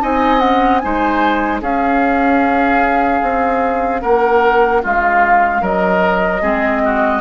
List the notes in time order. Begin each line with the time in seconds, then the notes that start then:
0.00 C4 D#4 D#5 G#5
0.39 C#4 F#5
0.79 D#4 C5 G#5
0.85 G#3
1.62 C#4 G#4 F5
3.23 C4
4.02 A#3 A#4 F#5
4.83 G#3 F4 F5
5.62 F#3 A#4 D#5
6.42 G#3 C4 G#4
6.85 F#4